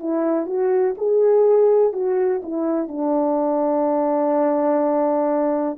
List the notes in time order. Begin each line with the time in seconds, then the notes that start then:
0.00 E4
0.47 F#4
0.98 G#4
1.93 F#4
2.43 E4
2.88 D4